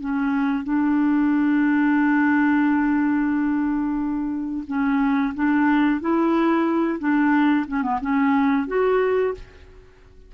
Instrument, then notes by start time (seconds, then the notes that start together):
clarinet
0.00 C#4
0.64 D4
4.67 C#4
5.35 D4
6.01 E4
6.99 D4
7.67 C#4
7.83 B3
8.01 C#4
8.68 F#4